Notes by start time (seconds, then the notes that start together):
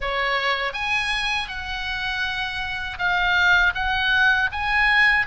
0.00 C#5
0.73 G#5
1.48 F#5
2.98 F5
3.75 F#5
4.52 G#5